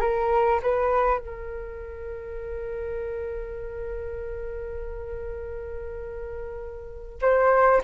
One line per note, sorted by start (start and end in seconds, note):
0.00 0.60 A#4
0.62 1.18 B4
1.18 7.18 A#4
7.21 7.81 C5